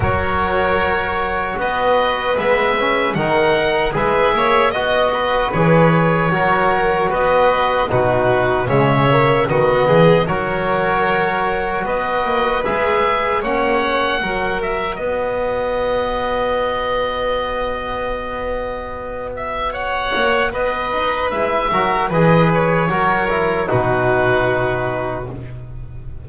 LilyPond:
<<
  \new Staff \with { instrumentName = "oboe" } { \time 4/4 \tempo 4 = 76 cis''2 dis''4 e''4 | fis''4 e''4 dis''4 cis''4~ | cis''4 dis''4 b'4 e''4 | dis''4 cis''2 dis''4 |
e''4 fis''4. e''8 dis''4~ | dis''1~ | dis''8 e''8 fis''4 dis''4 e''4 | dis''8 cis''4. b'2 | }
  \new Staff \with { instrumentName = "violin" } { \time 4/4 ais'2 b'2 | ais'4 b'8 cis''8 dis''8 b'4. | ais'4 b'4 fis'4 cis''4 | fis'8 gis'8 ais'2 b'4~ |
b'4 cis''4 ais'4 b'4~ | b'1~ | b'4 cis''4 b'4. ais'8 | b'4 ais'4 fis'2 | }
  \new Staff \with { instrumentName = "trombone" } { \time 4/4 fis'2. b8 cis'8 | dis'4 gis'4 fis'4 gis'4 | fis'2 dis'4 gis8 ais8 | b4 fis'2. |
gis'4 cis'4 fis'2~ | fis'1~ | fis'2. e'8 fis'8 | gis'4 fis'8 e'8 dis'2 | }
  \new Staff \with { instrumentName = "double bass" } { \time 4/4 fis2 b4 gis4 | dis4 gis8 ais8 b4 e4 | fis4 b4 b,4 cis4 | dis8 e8 fis2 b8 ais8 |
gis4 ais4 fis4 b4~ | b1~ | b4. ais8 b8 dis'8 gis8 fis8 | e4 fis4 b,2 | }
>>